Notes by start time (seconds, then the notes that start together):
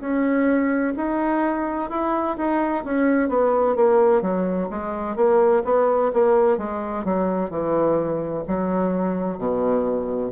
0.00 C#4
0.96 D#4
1.90 E4
2.37 D#4
2.84 C#4
3.29 B3
3.75 A#3
4.21 F#3
4.70 G#3
5.16 A#3
5.65 B3
6.13 A#3
6.58 G#3
7.04 F#3
7.50 E3
8.48 F#3
9.38 B2